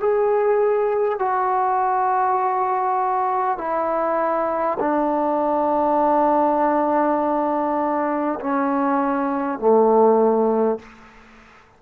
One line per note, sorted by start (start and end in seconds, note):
0.00 1.19 G#4
1.19 3.58 F#4
3.58 4.78 E4
4.79 8.39 D4
8.41 9.59 C#4
9.59 10.79 A3